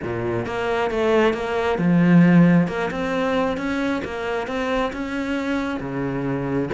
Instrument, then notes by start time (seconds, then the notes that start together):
cello
0.02 A#2
0.46 A#3
0.90 A3
1.33 A#3
1.78 F3
2.67 A#3
2.90 C4
3.57 C#4
4.04 A#3
4.47 C4
4.92 C#4
5.80 C#3